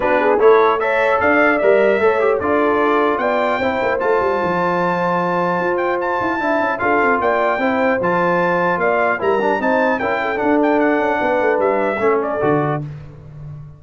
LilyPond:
<<
  \new Staff \with { instrumentName = "trumpet" } { \time 4/4 \tempo 4 = 150 b'4 cis''4 e''4 f''4 | e''2 d''2 | g''2 a''2~ | a''2~ a''8 g''8 a''4~ |
a''4 f''4 g''2 | a''2 f''4 ais''4 | a''4 g''4 fis''8 g''8 fis''4~ | fis''4 e''4. d''4. | }
  \new Staff \with { instrumentName = "horn" } { \time 4/4 fis'8 gis'8 a'4 cis''4 d''4~ | d''4 cis''4 a'2 | d''4 c''2.~ | c''1 |
e''4 a'4 d''4 c''4~ | c''2 d''4 ais'4 | c''4 ais'8 a'2~ a'8 | b'2 a'2 | }
  \new Staff \with { instrumentName = "trombone" } { \time 4/4 d'4 e'4 a'2 | ais'4 a'8 g'8 f'2~ | f'4 e'4 f'2~ | f'1 |
e'4 f'2 e'4 | f'2. e'8 d'8 | dis'4 e'4 d'2~ | d'2 cis'4 fis'4 | }
  \new Staff \with { instrumentName = "tuba" } { \time 4/4 b4 a2 d'4 | g4 a4 d'2 | b4 c'8 ais8 a8 g8 f4~ | f2 f'4. e'8 |
d'8 cis'8 d'8 c'8 ais4 c'4 | f2 ais4 g4 | c'4 cis'4 d'4. cis'8 | b8 a8 g4 a4 d4 | }
>>